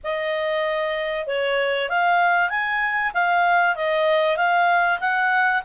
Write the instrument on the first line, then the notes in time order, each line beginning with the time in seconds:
clarinet
0.03 D#5
1.27 C#5
1.89 F5
2.49 G#5
3.13 F5
3.75 D#5
4.36 F5
4.99 F#5